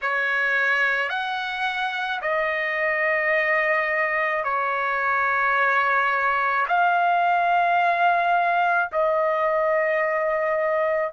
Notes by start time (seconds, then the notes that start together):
0.02 C#5
1.09 F#5
2.21 D#5
4.44 C#5
6.68 F5
8.91 D#5